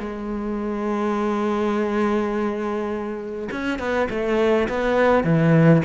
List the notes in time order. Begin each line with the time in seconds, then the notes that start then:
0.00 G#3
3.52 C#4
3.79 B3
4.10 A3
4.69 B3
5.24 E3